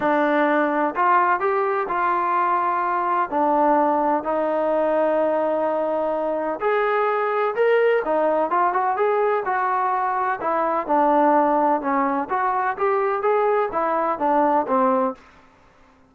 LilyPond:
\new Staff \with { instrumentName = "trombone" } { \time 4/4 \tempo 4 = 127 d'2 f'4 g'4 | f'2. d'4~ | d'4 dis'2.~ | dis'2 gis'2 |
ais'4 dis'4 f'8 fis'8 gis'4 | fis'2 e'4 d'4~ | d'4 cis'4 fis'4 g'4 | gis'4 e'4 d'4 c'4 | }